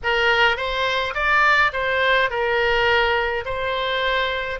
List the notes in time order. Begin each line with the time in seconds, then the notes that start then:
0.03 A#4
0.56 C5
1.14 D5
1.72 C5
2.30 A#4
3.45 C5